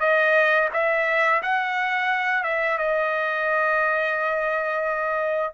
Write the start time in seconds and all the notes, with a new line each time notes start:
0.00 D#5
0.73 E5
1.43 F#5
2.44 E5
2.78 D#5